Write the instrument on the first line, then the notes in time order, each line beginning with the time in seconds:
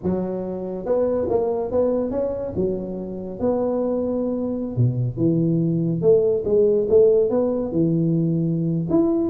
tuba
0.03 F#3
0.85 B3
1.29 A#3
1.71 B3
2.10 C#4
2.56 F#3
3.39 B3
4.76 B2
5.17 E3
6.01 A3
6.45 G#3
6.89 A3
7.30 B3
7.71 E3
8.90 E4